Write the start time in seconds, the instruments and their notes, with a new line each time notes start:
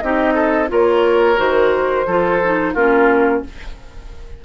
0.00 bassoon C4, clarinet D#4, oboe G4, flute D#5
0.34 oboe A4
0.68 bassoon A#3, clarinet F4, oboe A#4, flute C#5
1.36 bassoon D#3, clarinet F#4, flute C5
2.06 bassoon F3, clarinet F4, oboe A4
2.44 clarinet D#4
2.74 bassoon A#3, clarinet C#4, oboe F4, flute A#4